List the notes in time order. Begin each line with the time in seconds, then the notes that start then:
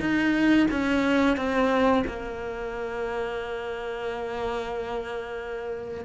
0.00 D#4
0.71 C#4
1.37 C4
2.07 A#3